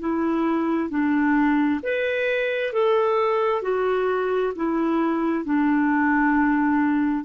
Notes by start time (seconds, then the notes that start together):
0.00 E4
0.90 D4
1.83 B4
2.73 A4
3.62 F#4
4.56 E4
5.45 D4